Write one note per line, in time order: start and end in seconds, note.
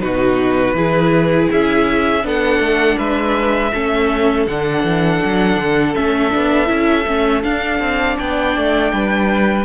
0.00 0.73 B2
0.00 0.75 D#4
0.00 0.76 F#4
0.00 1.48 B4
0.73 1.48 E3
0.73 2.22 E4
0.73 2.24 G#4
1.51 2.24 C#4
1.51 2.25 E5
2.22 2.59 B3
2.22 3.70 D4
2.22 2.97 A4
2.28 2.98 F#5
2.59 2.96 A3
2.97 3.72 G#3
2.97 3.71 B4
2.97 4.46 E5
3.73 4.46 A3
3.73 4.48 C#4
3.73 8.17 A4
4.46 4.83 D3
4.46 5.94 D4
4.46 5.94 F#5
4.83 5.20 E3
5.25 5.57 F#3
5.57 5.94 D3
5.94 6.34 A3
5.94 6.30 C#4
5.94 7.43 E5
6.30 6.69 B3
6.30 6.66 D4
6.66 7.06 C#4
6.66 7.03 E4
7.06 7.43 A3
7.06 7.42 C#4
7.42 9.65 D4
7.42 7.79 D4
7.42 8.17 F5
7.79 8.16 C4
8.17 8.56 B3
8.17 8.91 D5
8.17 9.65 G5
8.56 8.92 A3
8.92 9.65 G3
8.92 9.65 B4